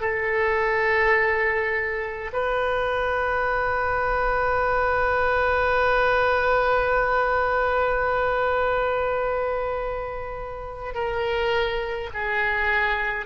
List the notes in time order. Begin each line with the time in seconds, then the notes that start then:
0.00 A4
2.33 B4
10.95 A#4
12.14 G#4